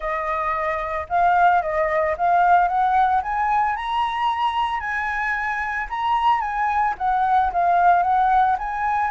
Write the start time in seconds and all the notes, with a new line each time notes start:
0.00 D#5
1.09 F5
1.62 D#5
2.17 F5
2.68 F#5
3.22 G#5
3.76 A#5
4.80 G#5
5.89 A#5
6.40 G#5
6.98 F#5
7.52 F5
8.02 F#5
8.58 G#5